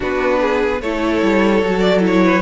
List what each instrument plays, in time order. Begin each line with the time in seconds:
0.00 cello B3, viola D4, violin F#4 B4
0.41 violin G#4
0.81 cello A3, viola E4, violin A4 C#5
1.22 cello G3
1.61 cello F#3, viola F#4
1.79 violin D5
2.00 viola E4
2.06 violin C#5
2.24 violin B4